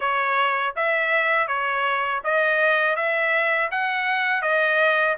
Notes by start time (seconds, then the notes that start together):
0.00 C#5
0.76 E5
1.47 C#5
2.24 D#5
2.96 E5
3.71 F#5
4.42 D#5